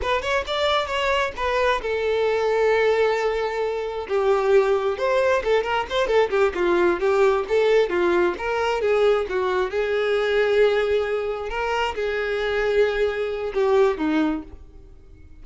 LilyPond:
\new Staff \with { instrumentName = "violin" } { \time 4/4 \tempo 4 = 133 b'8 cis''8 d''4 cis''4 b'4 | a'1~ | a'4 g'2 c''4 | a'8 ais'8 c''8 a'8 g'8 f'4 g'8~ |
g'8 a'4 f'4 ais'4 gis'8~ | gis'8 fis'4 gis'2~ gis'8~ | gis'4. ais'4 gis'4.~ | gis'2 g'4 dis'4 | }